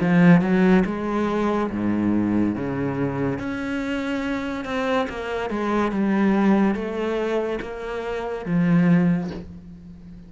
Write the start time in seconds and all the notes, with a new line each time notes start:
0.00 F3
0.41 F#3
0.85 G#3
1.71 G#2
2.55 C#3
3.38 C#4
4.64 C4
5.09 A#3
5.50 G#3
5.91 G3
6.75 A3
7.61 A#3
8.45 F3